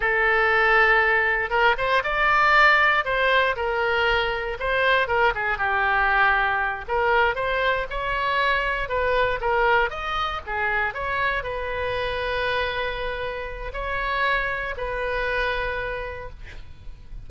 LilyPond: \new Staff \with { instrumentName = "oboe" } { \time 4/4 \tempo 4 = 118 a'2. ais'8 c''8 | d''2 c''4 ais'4~ | ais'4 c''4 ais'8 gis'8 g'4~ | g'4. ais'4 c''4 cis''8~ |
cis''4. b'4 ais'4 dis''8~ | dis''8 gis'4 cis''4 b'4.~ | b'2. cis''4~ | cis''4 b'2. | }